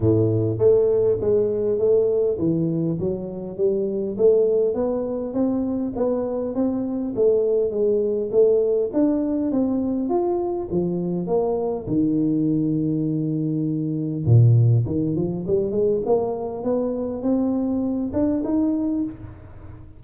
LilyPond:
\new Staff \with { instrumentName = "tuba" } { \time 4/4 \tempo 4 = 101 a,4 a4 gis4 a4 | e4 fis4 g4 a4 | b4 c'4 b4 c'4 | a4 gis4 a4 d'4 |
c'4 f'4 f4 ais4 | dis1 | ais,4 dis8 f8 g8 gis8 ais4 | b4 c'4. d'8 dis'4 | }